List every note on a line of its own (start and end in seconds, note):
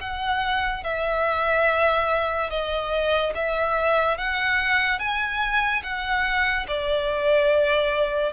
0.00 0.83 F#5
0.83 2.50 E5
2.50 3.33 D#5
3.34 4.17 E5
4.17 4.98 F#5
4.98 5.82 G#5
5.83 6.66 F#5
6.67 8.32 D5